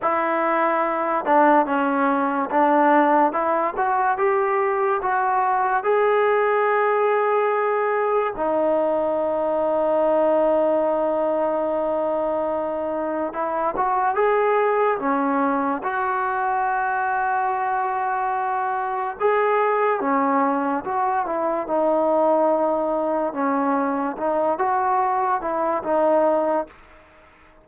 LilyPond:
\new Staff \with { instrumentName = "trombone" } { \time 4/4 \tempo 4 = 72 e'4. d'8 cis'4 d'4 | e'8 fis'8 g'4 fis'4 gis'4~ | gis'2 dis'2~ | dis'1 |
e'8 fis'8 gis'4 cis'4 fis'4~ | fis'2. gis'4 | cis'4 fis'8 e'8 dis'2 | cis'4 dis'8 fis'4 e'8 dis'4 | }